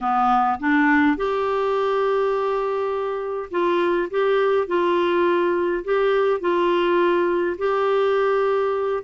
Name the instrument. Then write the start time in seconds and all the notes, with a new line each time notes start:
clarinet
0.00 B3
0.59 D4
1.16 G4
3.51 F4
4.10 G4
4.67 F4
5.84 G4
6.40 F4
7.58 G4